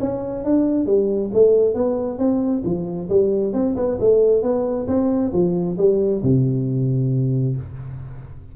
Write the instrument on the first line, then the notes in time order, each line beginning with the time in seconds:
tuba
0.00 C#4
0.44 D4
0.86 G3
1.33 A3
1.74 B3
2.18 C4
2.64 F3
3.09 G3
3.53 C4
3.76 B3
4.00 A3
4.42 B3
4.88 C4
5.33 F3
5.78 G3
6.23 C3